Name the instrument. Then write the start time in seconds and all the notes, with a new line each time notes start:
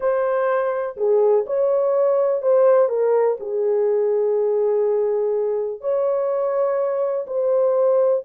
horn
0.00 C5
0.96 G#4
1.46 C#5
2.41 C5
2.88 A#4
3.40 G#4
5.81 C#5
7.26 C5